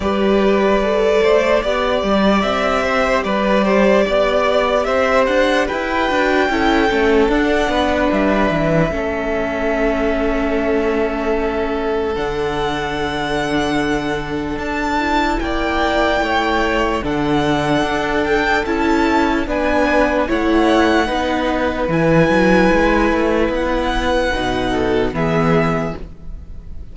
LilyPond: <<
  \new Staff \with { instrumentName = "violin" } { \time 4/4 \tempo 4 = 74 d''2. e''4 | d''2 e''8 fis''8 g''4~ | g''4 fis''4 e''2~ | e''2. fis''4~ |
fis''2 a''4 g''4~ | g''4 fis''4. g''8 a''4 | gis''4 fis''2 gis''4~ | gis''4 fis''2 e''4 | }
  \new Staff \with { instrumentName = "violin" } { \time 4/4 b'4. c''8 d''4. c''8 | b'8 c''8 d''4 c''4 b'4 | a'4. b'4. a'4~ | a'1~ |
a'2. d''4 | cis''4 a'2. | b'4 cis''4 b'2~ | b'2~ b'8 a'8 gis'4 | }
  \new Staff \with { instrumentName = "viola" } { \time 4/4 g'4 a'4 g'2~ | g'2.~ g'8 fis'8 | e'8 cis'8 d'2 cis'4~ | cis'2. d'4~ |
d'2~ d'8 e'4.~ | e'4 d'2 e'4 | d'4 e'4 dis'4 e'4~ | e'2 dis'4 b4 | }
  \new Staff \with { instrumentName = "cello" } { \time 4/4 g4. a8 b8 g8 c'4 | g4 b4 c'8 d'8 e'8 d'8 | cis'8 a8 d'8 b8 g8 e8 a4~ | a2. d4~ |
d2 d'4 ais4 | a4 d4 d'4 cis'4 | b4 a4 b4 e8 fis8 | gis8 a8 b4 b,4 e4 | }
>>